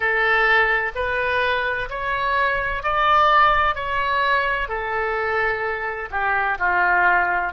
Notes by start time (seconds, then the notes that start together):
0.00 A4
0.95 B4
1.89 C#5
2.83 D5
3.75 C#5
4.68 A4
6.11 G4
6.59 F4